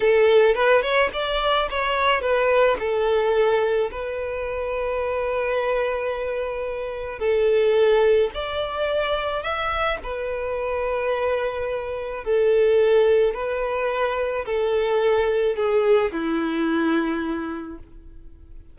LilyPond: \new Staff \with { instrumentName = "violin" } { \time 4/4 \tempo 4 = 108 a'4 b'8 cis''8 d''4 cis''4 | b'4 a'2 b'4~ | b'1~ | b'4 a'2 d''4~ |
d''4 e''4 b'2~ | b'2 a'2 | b'2 a'2 | gis'4 e'2. | }